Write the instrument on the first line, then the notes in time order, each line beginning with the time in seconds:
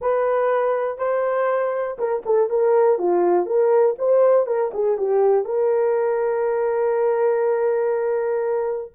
horn
0.01 B4
0.98 C5
1.98 A#4
2.25 A4
2.49 A#4
2.98 F4
3.46 A#4
3.98 C5
4.46 A#4
4.73 G#4
4.97 G4
5.44 A#4